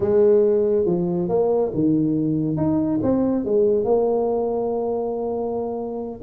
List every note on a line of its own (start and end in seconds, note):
0.00 0.85 G#3
0.85 1.28 F3
1.29 1.71 A#3
1.74 2.56 D#3
2.56 2.99 D#4
3.02 3.44 C4
3.44 3.84 G#3
3.84 6.19 A#3